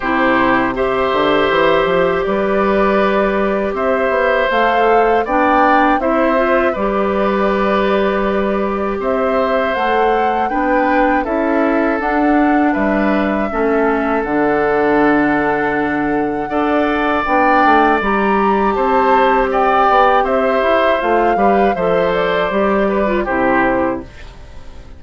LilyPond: <<
  \new Staff \with { instrumentName = "flute" } { \time 4/4 \tempo 4 = 80 c''4 e''2 d''4~ | d''4 e''4 f''4 g''4 | e''4 d''2. | e''4 fis''4 g''4 e''4 |
fis''4 e''2 fis''4~ | fis''2. g''4 | ais''4 a''4 g''4 e''4 | f''4 e''8 d''4. c''4 | }
  \new Staff \with { instrumentName = "oboe" } { \time 4/4 g'4 c''2 b'4~ | b'4 c''2 d''4 | c''4 b'2. | c''2 b'4 a'4~ |
a'4 b'4 a'2~ | a'2 d''2~ | d''4 c''4 d''4 c''4~ | c''8 b'8 c''4. b'8 g'4 | }
  \new Staff \with { instrumentName = "clarinet" } { \time 4/4 e'4 g'2.~ | g'2 a'4 d'4 | e'8 f'8 g'2.~ | g'4 a'4 d'4 e'4 |
d'2 cis'4 d'4~ | d'2 a'4 d'4 | g'1 | f'8 g'8 a'4 g'8. f'16 e'4 | }
  \new Staff \with { instrumentName = "bassoon" } { \time 4/4 c4. d8 e8 f8 g4~ | g4 c'8 b8 a4 b4 | c'4 g2. | c'4 a4 b4 cis'4 |
d'4 g4 a4 d4~ | d2 d'4 b8 a8 | g4 c'4. b8 c'8 e'8 | a8 g8 f4 g4 c4 | }
>>